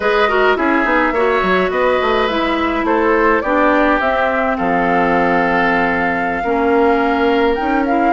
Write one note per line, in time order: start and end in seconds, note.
0.00 0.56 G#3
0.00 0.28 G#4
0.00 0.28 B4
0.00 0.56 D#5
0.28 0.56 F#4
0.28 0.57 A#4
0.56 0.84 C#4
0.56 0.83 E4
0.56 1.14 G#4
0.56 1.70 E5
0.83 1.11 B3
0.83 1.12 D#4
1.11 1.40 A#3
1.11 2.29 F#4
1.11 1.71 C#5
1.42 1.70 F#3
1.70 1.99 B3
1.70 2.85 B4
1.70 2.27 D#5
2.01 2.28 A3
2.27 2.83 G#3
2.27 3.43 E4
2.27 2.84 E5
2.83 3.40 A3
2.83 3.42 A4
2.83 3.41 C5
3.41 4.00 B3
3.41 4.01 D4
3.41 4.57 G4
3.41 3.98 D5
3.99 4.57 C4
3.99 6.44 C4
3.99 4.57 E5
4.57 6.44 F3
4.57 6.43 A4
4.57 7.55 F5
6.43 7.58 A#3
6.43 7.57 C#4
6.43 8.12 A#4
7.55 8.12 C#4
7.55 7.85 D#4
7.55 7.83 G5
7.85 8.12 E4
7.85 8.12 F5